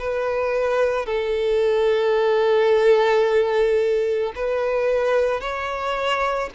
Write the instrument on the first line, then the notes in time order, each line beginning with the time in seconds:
violin
0.00 B4
1.06 A4
4.36 B4
5.41 C#5